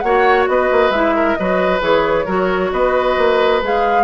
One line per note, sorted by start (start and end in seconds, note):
0.00 0.48 A#3
0.00 0.93 F#4
0.00 0.49 C#5
0.00 0.45 F#5
0.48 0.70 B3
0.48 1.16 B4
0.48 0.91 D#5
0.72 0.90 A#3
0.90 1.35 G#3
0.90 1.38 E4
0.90 1.35 E5
1.16 1.38 A#4
1.35 1.81 F#3
1.35 1.80 F#4
1.35 2.26 B4
1.35 1.80 D#5
1.80 2.26 E3
1.80 2.25 G#4
1.80 2.73 C#5
2.26 2.72 F#3
2.26 3.62 F#4
2.26 2.70 A#4
2.73 3.18 B3
2.73 4.04 B4
2.73 3.62 D#5
3.18 3.62 A#3
3.62 4.04 G#3
3.62 4.04 G#4
3.62 4.04 F5